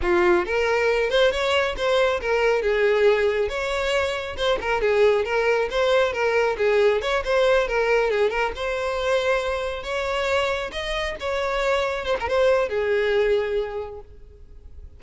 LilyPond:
\new Staff \with { instrumentName = "violin" } { \time 4/4 \tempo 4 = 137 f'4 ais'4. c''8 cis''4 | c''4 ais'4 gis'2 | cis''2 c''8 ais'8 gis'4 | ais'4 c''4 ais'4 gis'4 |
cis''8 c''4 ais'4 gis'8 ais'8 c''8~ | c''2~ c''8 cis''4.~ | cis''8 dis''4 cis''2 c''16 ais'16 | c''4 gis'2. | }